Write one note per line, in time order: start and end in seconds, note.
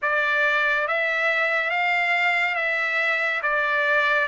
0.02 0.87 D5
0.87 1.70 E5
1.70 2.55 F5
2.55 3.41 E5
3.42 4.27 D5